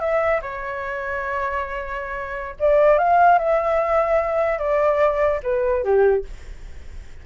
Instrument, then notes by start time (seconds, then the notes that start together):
flute
0.00 E5
0.42 C#5
2.60 D5
2.98 F5
3.39 E5
4.58 D5
5.43 B4
5.84 G4